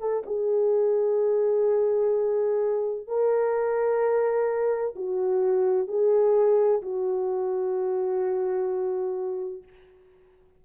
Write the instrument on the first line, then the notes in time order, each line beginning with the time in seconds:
horn
0.00 A4
0.26 G#4
3.08 A#4
4.96 F#4
5.88 G#4
6.82 F#4